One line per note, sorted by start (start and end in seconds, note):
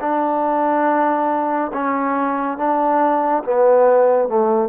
0.00 1.71 D4
1.73 2.58 C#4
2.58 3.43 D4
3.44 4.29 B3
4.29 4.69 A3